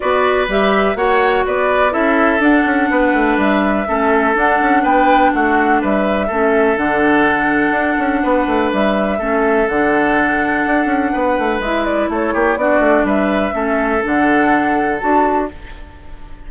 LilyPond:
<<
  \new Staff \with { instrumentName = "flute" } { \time 4/4 \tempo 4 = 124 d''4 e''4 fis''4 d''4 | e''4 fis''2 e''4~ | e''4 fis''4 g''4 fis''4 | e''2 fis''2~ |
fis''2 e''2 | fis''1 | e''8 d''8 cis''4 d''4 e''4~ | e''4 fis''2 a''4 | }
  \new Staff \with { instrumentName = "oboe" } { \time 4/4 b'2 cis''4 b'4 | a'2 b'2 | a'2 b'4 fis'4 | b'4 a'2.~ |
a'4 b'2 a'4~ | a'2. b'4~ | b'4 a'8 g'8 fis'4 b'4 | a'1 | }
  \new Staff \with { instrumentName = "clarinet" } { \time 4/4 fis'4 g'4 fis'2 | e'4 d'2. | cis'4 d'2.~ | d'4 cis'4 d'2~ |
d'2. cis'4 | d'1 | e'2 d'2 | cis'4 d'2 fis'4 | }
  \new Staff \with { instrumentName = "bassoon" } { \time 4/4 b4 g4 ais4 b4 | cis'4 d'8 cis'8 b8 a8 g4 | a4 d'8 cis'8 b4 a4 | g4 a4 d2 |
d'8 cis'8 b8 a8 g4 a4 | d2 d'8 cis'8 b8 a8 | gis4 a8 ais8 b8 a8 g4 | a4 d2 d'4 | }
>>